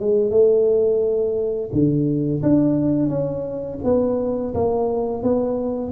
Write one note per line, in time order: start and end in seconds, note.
0.00 0.31 G#3
0.31 1.70 A3
1.73 2.42 D3
2.43 3.09 D4
3.09 3.79 C#4
3.84 4.54 B3
4.54 5.23 A#3
5.23 5.92 B3